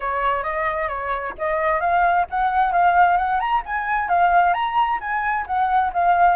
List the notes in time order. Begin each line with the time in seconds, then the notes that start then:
0.00 C#5
0.43 D#5
0.88 C#5
1.38 D#5
1.80 F5
2.30 F#5
2.72 F5
3.17 F#5
3.40 A#5
3.65 G#5
4.08 F5
4.53 A#5
5.00 G#5
5.46 F#5
5.93 F5